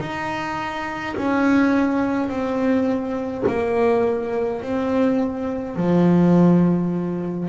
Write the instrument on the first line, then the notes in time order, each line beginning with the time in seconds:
double bass
0.00 D#4
1.17 C#4
2.29 C4
3.48 A#3
4.62 C4
5.76 F3